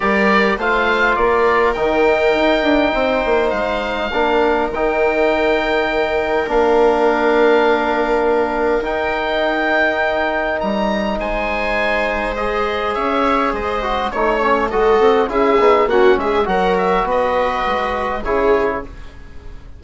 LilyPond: <<
  \new Staff \with { instrumentName = "oboe" } { \time 4/4 \tempo 4 = 102 d''4 f''4 d''4 g''4~ | g''2 f''2 | g''2. f''4~ | f''2. g''4~ |
g''2 ais''4 gis''4~ | gis''4 dis''4 e''4 dis''4 | cis''4 dis''4 e''4 fis''8 e''8 | fis''8 e''8 dis''2 cis''4 | }
  \new Staff \with { instrumentName = "viola" } { \time 4/4 ais'4 c''4 ais'2~ | ais'4 c''2 ais'4~ | ais'1~ | ais'1~ |
ais'2. c''4~ | c''2 cis''4 c''4 | cis''4 a'4 gis'4 fis'8 gis'8 | ais'4 b'2 gis'4 | }
  \new Staff \with { instrumentName = "trombone" } { \time 4/4 g'4 f'2 dis'4~ | dis'2. d'4 | dis'2. d'4~ | d'2. dis'4~ |
dis'1~ | dis'4 gis'2~ gis'8 fis'8 | dis'8 cis'8 fis'4 e'8 dis'8 cis'4 | fis'2. e'4 | }
  \new Staff \with { instrumentName = "bassoon" } { \time 4/4 g4 a4 ais4 dis4 | dis'8 d'8 c'8 ais8 gis4 ais4 | dis2. ais4~ | ais2. dis'4~ |
dis'2 g4 gis4~ | gis2 cis'4 gis4 | a4 gis8 c'8 cis'8 b8 ais8 gis8 | fis4 b4 gis4 cis4 | }
>>